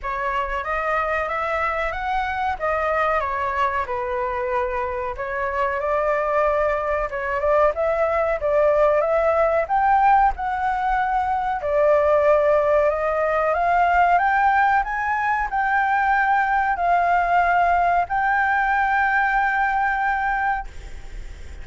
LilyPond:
\new Staff \with { instrumentName = "flute" } { \time 4/4 \tempo 4 = 93 cis''4 dis''4 e''4 fis''4 | dis''4 cis''4 b'2 | cis''4 d''2 cis''8 d''8 | e''4 d''4 e''4 g''4 |
fis''2 d''2 | dis''4 f''4 g''4 gis''4 | g''2 f''2 | g''1 | }